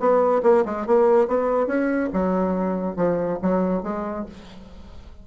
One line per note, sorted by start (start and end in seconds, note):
0.00 0.43 B3
0.44 0.65 A#3
0.66 0.87 G#3
0.87 1.28 A#3
1.28 1.67 B3
1.67 2.10 C#4
2.13 2.97 F#3
2.97 3.39 F3
3.42 3.83 F#3
3.83 4.26 G#3